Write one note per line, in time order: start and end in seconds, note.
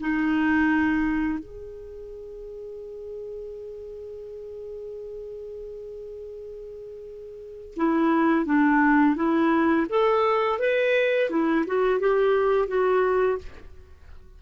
0.00 1.39 D#4
1.39 7.74 G#4
7.76 8.45 E4
8.45 9.16 D4
9.16 9.87 E4
9.90 10.59 A4
10.59 11.30 B4
11.30 11.65 E4
11.67 12.00 F#4
12.00 12.68 G4
12.68 13.38 F#4